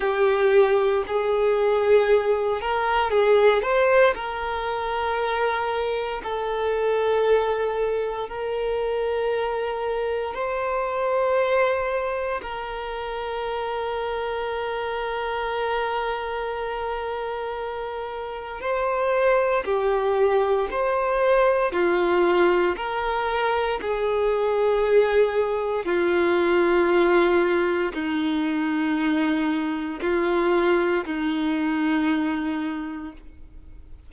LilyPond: \new Staff \with { instrumentName = "violin" } { \time 4/4 \tempo 4 = 58 g'4 gis'4. ais'8 gis'8 c''8 | ais'2 a'2 | ais'2 c''2 | ais'1~ |
ais'2 c''4 g'4 | c''4 f'4 ais'4 gis'4~ | gis'4 f'2 dis'4~ | dis'4 f'4 dis'2 | }